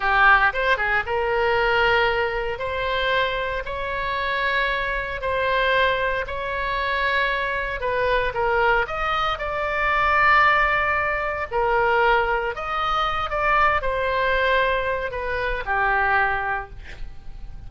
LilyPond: \new Staff \with { instrumentName = "oboe" } { \time 4/4 \tempo 4 = 115 g'4 c''8 gis'8 ais'2~ | ais'4 c''2 cis''4~ | cis''2 c''2 | cis''2. b'4 |
ais'4 dis''4 d''2~ | d''2 ais'2 | dis''4. d''4 c''4.~ | c''4 b'4 g'2 | }